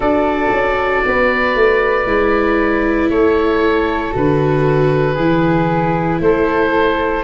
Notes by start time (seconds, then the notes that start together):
0.00 D4 F#4 A4 D5
0.51 C#4
1.05 B3 B4
1.55 A3
2.06 G#3 E4
3.09 A3 A4 C#5
4.11 D3 F#4 B4
5.14 E3 E4 G#4
6.20 A3 A4 C5